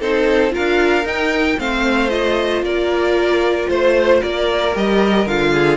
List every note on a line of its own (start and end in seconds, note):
0.00 0.54 C4
0.00 0.51 D#4
0.00 0.53 A4
0.00 0.54 C5
0.51 1.03 F4
0.51 1.59 A#4
0.51 1.07 F5
0.58 1.04 D4
1.04 1.57 D#4
1.04 1.58 D#4
1.04 1.59 G5
1.58 2.62 A3
1.58 2.09 C4
1.58 2.65 C5
1.58 2.10 F5
2.09 4.72 F4
2.09 2.63 D#5
2.62 3.67 A#3
2.62 3.69 A#4
2.62 3.70 D5
3.69 4.22 A3
3.69 4.20 C5
3.69 4.23 C5
4.20 4.76 A#3
4.20 5.51 A#4
4.20 4.75 D5
4.73 5.26 G3
4.73 5.26 G4
4.73 5.28 D#5
5.26 5.77 D3
5.26 5.77 F4
5.26 5.77 F5
5.53 5.77 G#4